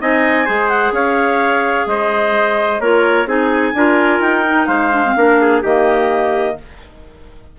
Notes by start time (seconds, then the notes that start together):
0.00 C4 D#4 D#5 G#5
0.46 G#3 G#4 C5
0.69 F#5
0.92 C#4 C#5 F5
1.86 G#3 C5 D#5
2.80 A#3 F4 A#4 C#5
3.26 C4 D#4 G#4 G#5
3.74 D4 F4 A#4
4.20 D#4 G5
4.46 D#4
4.67 G#3 C5 F5
4.92 D4
5.05 C4
5.16 A#3 D4 A#4
5.41 G#4
5.62 D#3 A#3 G4 D#5